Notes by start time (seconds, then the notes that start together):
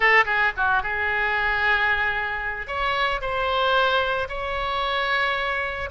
0.00 A4
0.25 G#4
0.56 F#4
0.82 G#4
2.67 C#5
3.21 C5
4.28 C#5